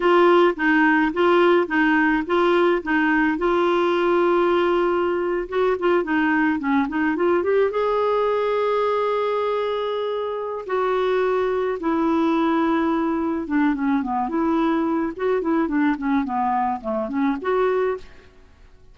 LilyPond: \new Staff \with { instrumentName = "clarinet" } { \time 4/4 \tempo 4 = 107 f'4 dis'4 f'4 dis'4 | f'4 dis'4 f'2~ | f'4.~ f'16 fis'8 f'8 dis'4 cis'16~ | cis'16 dis'8 f'8 g'8 gis'2~ gis'16~ |
gis'2. fis'4~ | fis'4 e'2. | d'8 cis'8 b8 e'4. fis'8 e'8 | d'8 cis'8 b4 a8 cis'8 fis'4 | }